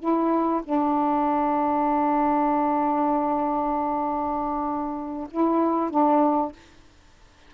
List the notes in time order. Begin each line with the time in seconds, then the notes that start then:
0.00 E4
0.64 D4
5.31 E4
5.91 D4